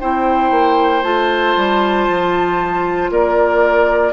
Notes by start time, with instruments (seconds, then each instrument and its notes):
0.00 bassoon C4, clarinet E4, oboe C5, flute G5
0.51 bassoon A#3
1.03 bassoon A3, clarinet F4, flute A5
1.57 bassoon G3
2.09 bassoon F3
3.11 bassoon A#3, oboe A#4, flute D5